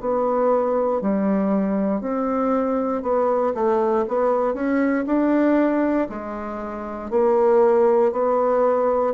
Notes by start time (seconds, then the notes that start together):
0.00 B3
1.01 G3
2.01 C4
3.02 B3
3.54 A3
4.08 B3
4.54 C#4
5.06 D4
6.09 G#3
7.10 A#3
8.12 B3